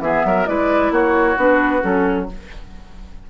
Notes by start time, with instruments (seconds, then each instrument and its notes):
0.00 bassoon E3, clarinet B3, oboe G#4, flute E5
0.25 bassoon F#3, oboe A#4
0.46 bassoon G#3, clarinet E4, oboe B4, flute D5
0.91 bassoon A#3, oboe F#4, flute C#5
1.38 bassoon B3, clarinet D4, flute B4
1.81 bassoon F#3, clarinet C#4, flute A4